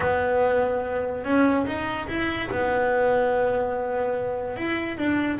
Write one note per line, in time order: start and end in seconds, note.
0.00 1.24 B3
1.24 1.65 C#4
1.66 2.07 D#4
2.08 2.49 E4
2.51 4.56 B3
4.56 4.97 E4
4.97 5.38 D4